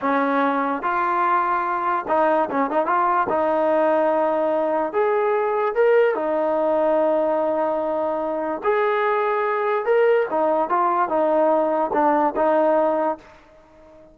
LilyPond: \new Staff \with { instrumentName = "trombone" } { \time 4/4 \tempo 4 = 146 cis'2 f'2~ | f'4 dis'4 cis'8 dis'8 f'4 | dis'1 | gis'2 ais'4 dis'4~ |
dis'1~ | dis'4 gis'2. | ais'4 dis'4 f'4 dis'4~ | dis'4 d'4 dis'2 | }